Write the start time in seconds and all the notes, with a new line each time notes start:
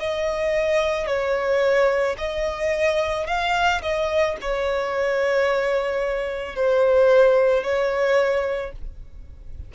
0.00 D#5
1.07 C#5
2.18 D#5
3.27 F5
3.83 D#5
4.41 C#5
6.56 C5
7.64 C#5